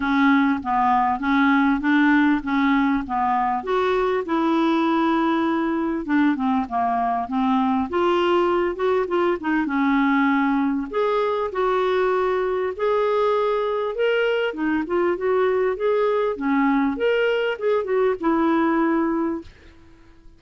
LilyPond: \new Staff \with { instrumentName = "clarinet" } { \time 4/4 \tempo 4 = 99 cis'4 b4 cis'4 d'4 | cis'4 b4 fis'4 e'4~ | e'2 d'8 c'8 ais4 | c'4 f'4. fis'8 f'8 dis'8 |
cis'2 gis'4 fis'4~ | fis'4 gis'2 ais'4 | dis'8 f'8 fis'4 gis'4 cis'4 | ais'4 gis'8 fis'8 e'2 | }